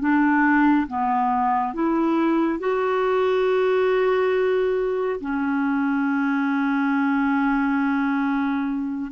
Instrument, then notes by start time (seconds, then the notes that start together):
clarinet
0.00 D4
0.87 B3
1.74 E4
2.59 F#4
5.20 C#4